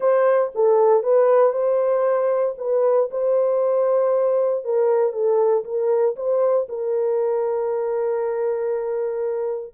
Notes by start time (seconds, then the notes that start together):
0.00 C5
0.54 A4
1.03 B4
1.52 C5
2.58 B4
3.10 C5
4.64 A#4
5.12 A4
5.64 A#4
6.16 C5
6.69 A#4